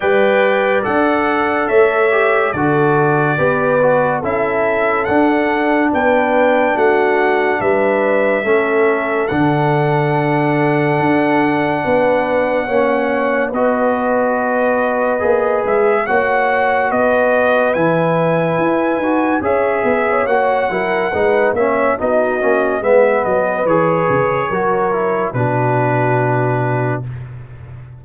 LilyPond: <<
  \new Staff \with { instrumentName = "trumpet" } { \time 4/4 \tempo 4 = 71 g''4 fis''4 e''4 d''4~ | d''4 e''4 fis''4 g''4 | fis''4 e''2 fis''4~ | fis''1 |
dis''2~ dis''8 e''8 fis''4 | dis''4 gis''2 e''4 | fis''4. e''8 dis''4 e''8 dis''8 | cis''2 b'2 | }
  \new Staff \with { instrumentName = "horn" } { \time 4/4 d''2 cis''4 a'4 | b'4 a'2 b'4 | fis'4 b'4 a'2~ | a'2 b'4 cis''4 |
b'2. cis''4 | b'2. cis''8 b16 cis''16~ | cis''8 ais'8 b'8 cis''8 fis'4 b'4~ | b'4 ais'4 fis'2 | }
  \new Staff \with { instrumentName = "trombone" } { \time 4/4 b'4 a'4. g'8 fis'4 | g'8 fis'8 e'4 d'2~ | d'2 cis'4 d'4~ | d'2. cis'4 |
fis'2 gis'4 fis'4~ | fis'4 e'4. fis'8 gis'4 | fis'8 e'8 dis'8 cis'8 dis'8 cis'8 b4 | gis'4 fis'8 e'8 d'2 | }
  \new Staff \with { instrumentName = "tuba" } { \time 4/4 g4 d'4 a4 d4 | b4 cis'4 d'4 b4 | a4 g4 a4 d4~ | d4 d'4 b4 ais4 |
b2 ais8 gis8 ais4 | b4 e4 e'8 dis'8 cis'8 b8 | ais8 fis8 gis8 ais8 b8 ais8 gis8 fis8 | e8 cis8 fis4 b,2 | }
>>